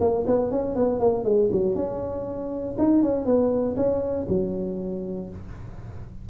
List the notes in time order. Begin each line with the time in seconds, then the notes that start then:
0.00 A#3
0.26 B3
0.51 C#4
0.75 B3
0.99 A#3
1.24 G#3
1.52 F#3
1.74 C#4
2.78 D#4
3.03 C#4
3.25 B3
3.76 C#4
4.28 F#3